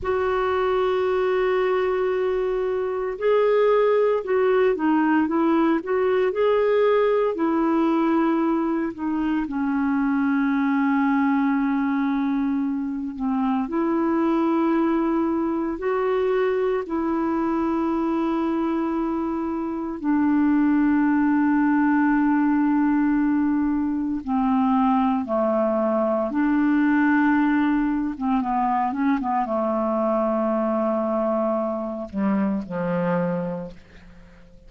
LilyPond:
\new Staff \with { instrumentName = "clarinet" } { \time 4/4 \tempo 4 = 57 fis'2. gis'4 | fis'8 dis'8 e'8 fis'8 gis'4 e'4~ | e'8 dis'8 cis'2.~ | cis'8 c'8 e'2 fis'4 |
e'2. d'4~ | d'2. c'4 | a4 d'4.~ d'16 c'16 b8 cis'16 b16 | a2~ a8 g8 f4 | }